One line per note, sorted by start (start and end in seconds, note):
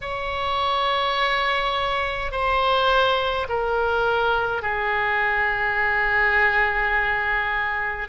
0.01 2.31 C#5
2.31 3.46 C5
3.49 4.62 A#4
4.62 8.08 G#4